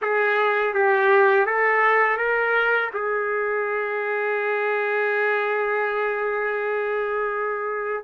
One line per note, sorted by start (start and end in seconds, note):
0.01 0.74 G#4
0.74 1.46 G4
1.46 2.17 A4
2.17 2.90 A#4
2.93 8.04 G#4